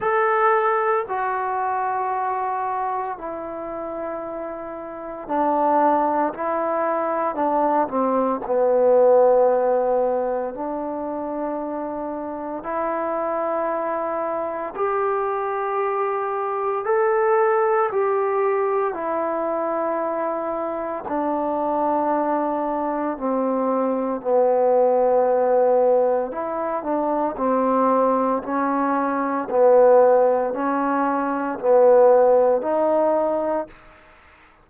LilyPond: \new Staff \with { instrumentName = "trombone" } { \time 4/4 \tempo 4 = 57 a'4 fis'2 e'4~ | e'4 d'4 e'4 d'8 c'8 | b2 d'2 | e'2 g'2 |
a'4 g'4 e'2 | d'2 c'4 b4~ | b4 e'8 d'8 c'4 cis'4 | b4 cis'4 b4 dis'4 | }